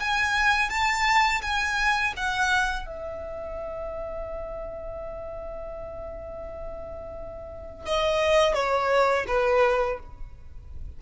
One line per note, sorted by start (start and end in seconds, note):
0.00 0.70 G#5
0.70 1.42 A5
1.42 2.14 G#5
2.17 2.86 F#5
2.86 7.86 E5
7.86 8.54 D#5
8.54 9.26 C#5
9.28 9.99 B4